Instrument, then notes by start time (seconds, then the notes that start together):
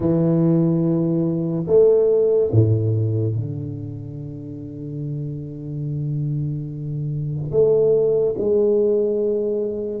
tuba
0.00 E3
1.67 A3
2.52 A2
3.35 D3
7.51 A3
8.37 G#3